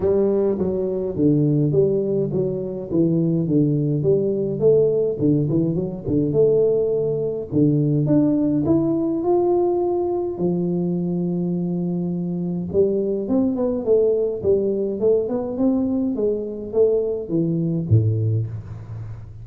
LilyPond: \new Staff \with { instrumentName = "tuba" } { \time 4/4 \tempo 4 = 104 g4 fis4 d4 g4 | fis4 e4 d4 g4 | a4 d8 e8 fis8 d8 a4~ | a4 d4 d'4 e'4 |
f'2 f2~ | f2 g4 c'8 b8 | a4 g4 a8 b8 c'4 | gis4 a4 e4 a,4 | }